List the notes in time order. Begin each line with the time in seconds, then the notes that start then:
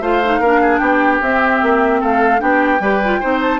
0.00 A3 F4 C5 F5
0.24 D#4
0.40 A#3 D4 A#4
0.61 G#4
0.78 B3 G4 G5
1.21 C4 E5
1.63 A#3
2.00 A3 A4 F5
2.38 B3 D4 G4 G5
2.80 G3 G4 B4
3.04 F4
3.20 C4 D#4 C5
3.42 A5